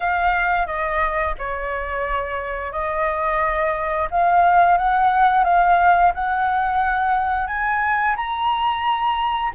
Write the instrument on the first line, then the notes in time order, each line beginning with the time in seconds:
flute
0.00 F5
0.66 D#5
1.38 C#5
2.72 D#5
4.10 F5
4.77 F#5
5.44 F5
6.14 F#5
7.47 G#5
8.16 A#5